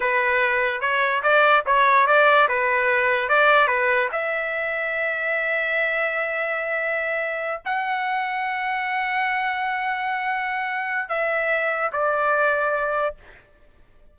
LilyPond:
\new Staff \with { instrumentName = "trumpet" } { \time 4/4 \tempo 4 = 146 b'2 cis''4 d''4 | cis''4 d''4 b'2 | d''4 b'4 e''2~ | e''1~ |
e''2~ e''8 fis''4.~ | fis''1~ | fis''2. e''4~ | e''4 d''2. | }